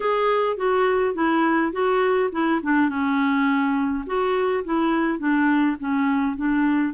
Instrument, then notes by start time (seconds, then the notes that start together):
clarinet
0.00 G#4
0.56 F#4
1.14 E4
1.72 F#4
2.32 E4
2.62 D4
2.89 C#4
4.06 F#4
4.64 E4
5.18 D4
5.79 C#4
6.36 D4